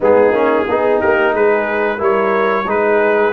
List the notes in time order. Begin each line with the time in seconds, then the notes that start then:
0.00 G#3 B3 D#4 G#4
0.31 A#3 C#4
0.66 B3 D#4 G#4
0.99 A#3 G4 A#4
1.33 G#3 G#4 B4
1.97 G3 E4 A#4 C#5
2.65 G#3 D#4 G#4 B4